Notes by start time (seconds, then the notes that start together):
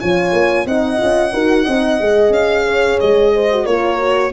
0.00 F3 F4 C#5 G#5
0.32 A#3
0.66 C4 D#4 D#5 F#5
0.98 C#4 F4
1.33 D#4 F#4 A#4
1.64 C4 D#4 D#5
2.00 G#3 G#4
2.30 C#4 F5
2.66 C#5
3.00 G#3 D#5
3.34 C5
3.52 F#4
3.66 A#3 F4 A#4 C#5
3.98 F#4